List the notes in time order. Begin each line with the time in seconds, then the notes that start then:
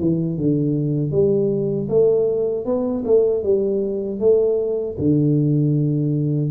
0.00 E3
0.37 D3
1.11 G3
1.88 A3
2.65 B3
3.05 A3
3.43 G3
4.19 A3
4.98 D3